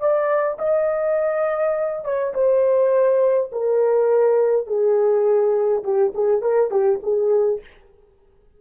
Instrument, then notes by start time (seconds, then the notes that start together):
horn
0.00 D5
0.59 D#5
2.05 C#5
2.34 C5
3.53 A#4
4.67 G#4
5.84 G4
6.15 G#4
6.42 A#4
6.71 G4
7.03 G#4